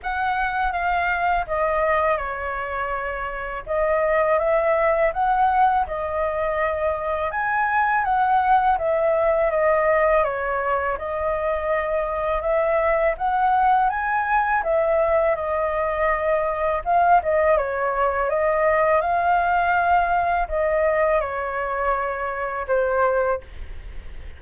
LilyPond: \new Staff \with { instrumentName = "flute" } { \time 4/4 \tempo 4 = 82 fis''4 f''4 dis''4 cis''4~ | cis''4 dis''4 e''4 fis''4 | dis''2 gis''4 fis''4 | e''4 dis''4 cis''4 dis''4~ |
dis''4 e''4 fis''4 gis''4 | e''4 dis''2 f''8 dis''8 | cis''4 dis''4 f''2 | dis''4 cis''2 c''4 | }